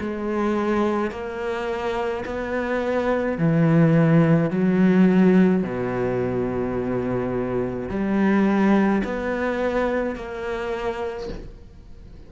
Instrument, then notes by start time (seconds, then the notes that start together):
cello
0.00 G#3
1.11 A#3
2.25 B3
3.38 E3
4.50 F#3
5.63 B2
7.89 G3
9.04 B3
10.16 A#3